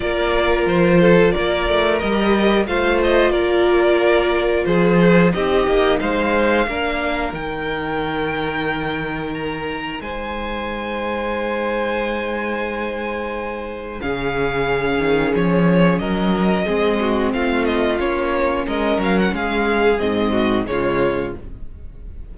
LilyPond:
<<
  \new Staff \with { instrumentName = "violin" } { \time 4/4 \tempo 4 = 90 d''4 c''4 d''4 dis''4 | f''8 dis''8 d''2 c''4 | dis''4 f''2 g''4~ | g''2 ais''4 gis''4~ |
gis''1~ | gis''4 f''2 cis''4 | dis''2 f''8 dis''8 cis''4 | dis''8 f''16 fis''16 f''4 dis''4 cis''4 | }
  \new Staff \with { instrumentName = "violin" } { \time 4/4 ais'4. a'8 ais'2 | c''4 ais'2 gis'4 | g'4 c''4 ais'2~ | ais'2. c''4~ |
c''1~ | c''4 gis'2. | ais'4 gis'8 fis'8 f'2 | ais'4 gis'4. fis'8 f'4 | }
  \new Staff \with { instrumentName = "viola" } { \time 4/4 f'2. g'4 | f'1 | dis'2 d'4 dis'4~ | dis'1~ |
dis'1~ | dis'4 cis'2.~ | cis'4 c'2 cis'4~ | cis'2 c'4 gis4 | }
  \new Staff \with { instrumentName = "cello" } { \time 4/4 ais4 f4 ais8 a8 g4 | a4 ais2 f4 | c'8 ais8 gis4 ais4 dis4~ | dis2. gis4~ |
gis1~ | gis4 cis4. dis8 f4 | fis4 gis4 a4 ais4 | gis8 fis8 gis4 gis,4 cis4 | }
>>